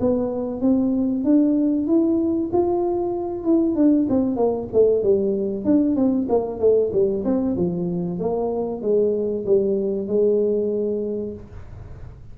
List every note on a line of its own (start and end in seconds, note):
0.00 0.61 B3
0.61 1.24 C4
1.24 1.87 D4
1.87 2.50 E4
2.53 3.44 F4
3.44 3.75 E4
3.75 4.07 D4
4.09 4.36 C4
4.36 4.68 A#3
4.73 5.03 A3
5.03 5.64 G3
5.64 5.96 D4
5.96 6.27 C4
6.29 6.60 A#3
6.60 6.91 A3
6.92 7.24 G3
7.25 7.56 C4
7.56 8.19 F3
8.19 8.82 A#3
8.82 9.45 G#3
9.46 10.07 G3
10.07 11.33 G#3